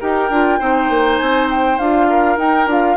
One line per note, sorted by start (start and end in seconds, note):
0.00 0.29 D#4
0.00 0.30 G4
0.00 0.59 A#4
0.00 1.18 G5
0.29 0.59 D4
0.29 0.60 F4
0.59 0.90 C4
0.59 1.78 D#4
0.59 2.08 C5
0.90 1.19 A#3
1.18 1.79 C4
1.18 1.47 G#5
1.50 1.78 G5
1.78 2.37 D4
1.78 2.38 F4
1.78 2.37 F5
2.09 2.97 A#4
2.37 2.66 D#4
2.37 2.67 D#4
2.37 2.69 G5
2.66 2.96 D4
2.66 2.97 F4
2.66 2.97 F5